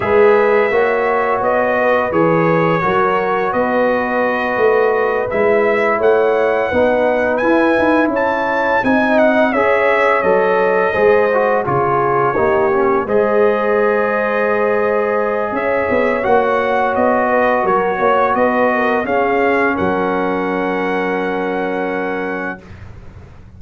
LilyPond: <<
  \new Staff \with { instrumentName = "trumpet" } { \time 4/4 \tempo 4 = 85 e''2 dis''4 cis''4~ | cis''4 dis''2~ dis''8 e''8~ | e''8 fis''2 gis''4 a''8~ | a''8 gis''8 fis''8 e''4 dis''4.~ |
dis''8 cis''2 dis''4.~ | dis''2 e''4 fis''4 | dis''4 cis''4 dis''4 f''4 | fis''1 | }
  \new Staff \with { instrumentName = "horn" } { \time 4/4 b'4 cis''4. b'4. | ais'4 b'2.~ | b'8 cis''4 b'2 cis''8~ | cis''8 dis''4 cis''2 c''8~ |
c''8 gis'4 g'4 c''4.~ | c''2 cis''2~ | cis''8 b'8 ais'8 cis''8 b'8 ais'8 gis'4 | ais'1 | }
  \new Staff \with { instrumentName = "trombone" } { \time 4/4 gis'4 fis'2 gis'4 | fis'2.~ fis'8 e'8~ | e'4. dis'4 e'4.~ | e'8 dis'4 gis'4 a'4 gis'8 |
fis'8 f'4 dis'8 cis'8 gis'4.~ | gis'2. fis'4~ | fis'2. cis'4~ | cis'1 | }
  \new Staff \with { instrumentName = "tuba" } { \time 4/4 gis4 ais4 b4 e4 | fis4 b4. a4 gis8~ | gis8 a4 b4 e'8 dis'8 cis'8~ | cis'8 c'4 cis'4 fis4 gis8~ |
gis8 cis4 ais4 gis4.~ | gis2 cis'8 b8 ais4 | b4 fis8 ais8 b4 cis'4 | fis1 | }
>>